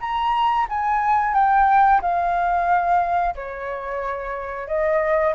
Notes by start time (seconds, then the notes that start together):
0.00 A#5
0.69 G#5
1.34 G5
2.01 F5
3.35 C#5
4.67 D#5